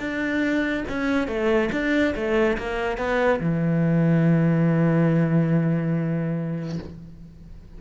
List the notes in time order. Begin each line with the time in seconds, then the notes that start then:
0.00 D4
0.89 C#4
1.28 A3
1.72 D4
2.15 A3
2.58 A#3
2.98 B3
3.41 E3